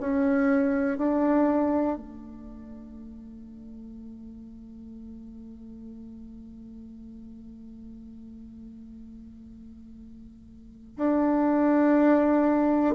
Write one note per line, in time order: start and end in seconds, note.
0.00 0.97 C#4
0.97 1.97 D4
1.97 10.97 A3
10.97 12.95 D4